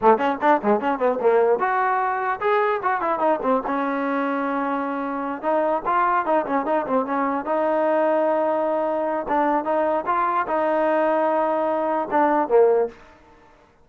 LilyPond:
\new Staff \with { instrumentName = "trombone" } { \time 4/4 \tempo 4 = 149 a8 cis'8 d'8 gis8 cis'8 b8 ais4 | fis'2 gis'4 fis'8 e'8 | dis'8 c'8 cis'2.~ | cis'4. dis'4 f'4 dis'8 |
cis'8 dis'8 c'8 cis'4 dis'4.~ | dis'2. d'4 | dis'4 f'4 dis'2~ | dis'2 d'4 ais4 | }